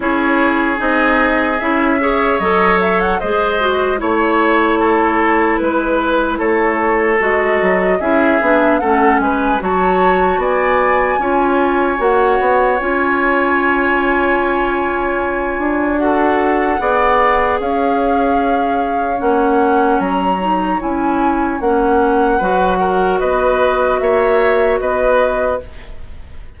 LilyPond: <<
  \new Staff \with { instrumentName = "flute" } { \time 4/4 \tempo 4 = 75 cis''4 dis''4 e''4 dis''8 e''16 fis''16 | dis''4 cis''2 b'4 | cis''4 dis''4 e''4 fis''8 gis''8 | a''4 gis''2 fis''4 |
gis''1 | fis''2 f''2 | fis''4 ais''4 gis''4 fis''4~ | fis''4 dis''4 e''4 dis''4 | }
  \new Staff \with { instrumentName = "oboe" } { \time 4/4 gis'2~ gis'8 cis''4. | c''4 cis''4 a'4 b'4 | a'2 gis'4 a'8 b'8 | cis''4 d''4 cis''2~ |
cis''1 | a'4 d''4 cis''2~ | cis''1 | b'8 ais'8 b'4 cis''4 b'4 | }
  \new Staff \with { instrumentName = "clarinet" } { \time 4/4 e'4 dis'4 e'8 gis'8 a'4 | gis'8 fis'8 e'2.~ | e'4 fis'4 e'8 d'8 cis'4 | fis'2 f'4 fis'4 |
f'1 | fis'4 gis'2. | cis'4. dis'8 e'4 cis'4 | fis'1 | }
  \new Staff \with { instrumentName = "bassoon" } { \time 4/4 cis'4 c'4 cis'4 fis4 | gis4 a2 gis4 | a4 gis8 fis8 cis'8 b8 a8 gis8 | fis4 b4 cis'4 ais8 b8 |
cis'2.~ cis'8 d'8~ | d'4 b4 cis'2 | ais4 fis4 cis'4 ais4 | fis4 b4 ais4 b4 | }
>>